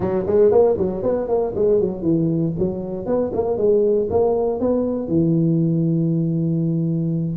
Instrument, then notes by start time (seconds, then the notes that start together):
tuba
0.00 F#3
0.26 G#3
0.51 A#3
0.77 F#3
1.02 B3
1.28 A#3
1.55 G#3
1.80 F#3
2.02 E3
2.59 F#3
3.06 B3
3.33 A#3
3.57 G#3
4.09 A#3
4.60 B3
5.08 E3